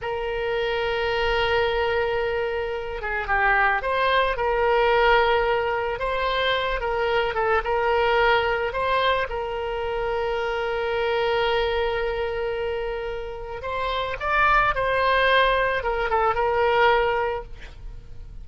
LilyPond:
\new Staff \with { instrumentName = "oboe" } { \time 4/4 \tempo 4 = 110 ais'1~ | ais'4. gis'8 g'4 c''4 | ais'2. c''4~ | c''8 ais'4 a'8 ais'2 |
c''4 ais'2.~ | ais'1~ | ais'4 c''4 d''4 c''4~ | c''4 ais'8 a'8 ais'2 | }